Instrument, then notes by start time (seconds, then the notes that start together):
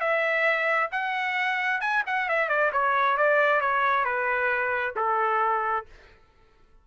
trumpet
0.00 E5
0.91 F#5
1.81 G#5
2.06 F#5
2.29 E5
2.49 D5
2.72 C#5
3.17 D5
3.60 C#5
4.05 B4
4.96 A4